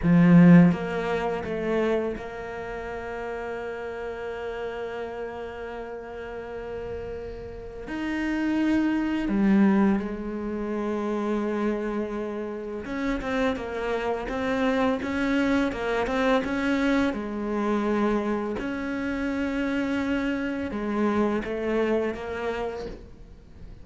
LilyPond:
\new Staff \with { instrumentName = "cello" } { \time 4/4 \tempo 4 = 84 f4 ais4 a4 ais4~ | ais1~ | ais2. dis'4~ | dis'4 g4 gis2~ |
gis2 cis'8 c'8 ais4 | c'4 cis'4 ais8 c'8 cis'4 | gis2 cis'2~ | cis'4 gis4 a4 ais4 | }